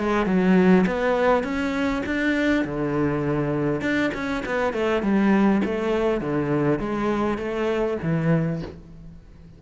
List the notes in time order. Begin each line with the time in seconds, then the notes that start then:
0.00 G#3
0.26 F#3
0.87 B3
1.44 C#4
2.06 D4
2.65 D3
3.82 D4
4.14 C#4
4.46 B3
4.74 A3
5.03 G3
5.65 A3
6.21 D3
6.80 G#3
7.39 A3
8.03 E3